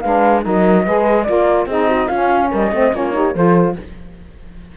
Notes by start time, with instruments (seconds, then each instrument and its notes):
0.00 cello G#3, saxophone D4, horn B4, flute F5
0.43 cello F#3, saxophone D#4, horn A#4, flute D#5
0.85 cello G#3, saxophone G#4, horn B4
1.24 cello A#3, saxophone F4, horn A#4, flute D5
1.66 cello C4, saxophone D#4, horn G#4, flute D#5
1.88 horn F#4
2.07 cello C#4, saxophone C#4, horn F4, flute F5
2.51 cello G3, horn A#4, flute D#5
2.72 cello A3, saxophone C4, horn C5
2.93 cello A#3, saxophone C#4, horn F4, flute C#5
3.13 saxophone D#4, horn G4
3.34 cello F3, saxophone F4, horn A4, flute C5